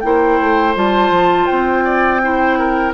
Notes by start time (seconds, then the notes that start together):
0.00 A#3 E4 C5 G5
0.39 A3
0.74 G3 F4 A5
1.10 F3
1.46 C4 G5
1.84 D5
2.21 E4 C5
2.58 A#4